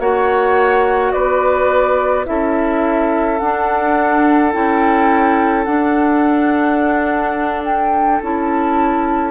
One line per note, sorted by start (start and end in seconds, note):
0.00 1.13 A#3
0.00 2.25 F#4
0.00 1.13 C#5
0.00 1.12 F#5
1.12 2.27 B3
1.12 2.26 B4
1.12 2.25 D5
2.25 3.41 C#4
2.25 3.38 E4
2.25 9.31 A4
2.25 3.39 E5
3.39 4.54 D4
3.39 4.53 D4
3.39 4.52 F#5
4.53 5.67 C#4
4.53 5.66 E4
4.53 5.64 G5
5.64 8.21 D4
5.64 7.62 F#5
7.65 8.21 G5
8.22 9.31 C#4
8.22 9.31 E4
8.22 9.31 A5